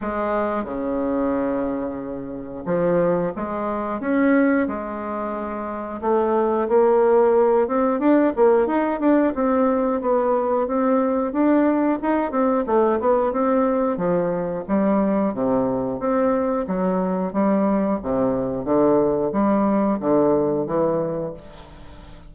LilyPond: \new Staff \with { instrumentName = "bassoon" } { \time 4/4 \tempo 4 = 90 gis4 cis2. | f4 gis4 cis'4 gis4~ | gis4 a4 ais4. c'8 | d'8 ais8 dis'8 d'8 c'4 b4 |
c'4 d'4 dis'8 c'8 a8 b8 | c'4 f4 g4 c4 | c'4 fis4 g4 c4 | d4 g4 d4 e4 | }